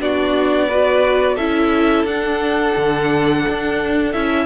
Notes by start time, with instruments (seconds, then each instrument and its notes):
0.00 cello B3, viola D4, violin F#4 D5
0.69 viola F#4, violin B4
1.35 cello C#4, viola E4, violin A4 E5
2.04 cello D4, viola D4, violin F#5
2.77 cello D3
3.49 cello D4
4.13 cello C#4, viola E4, violin E5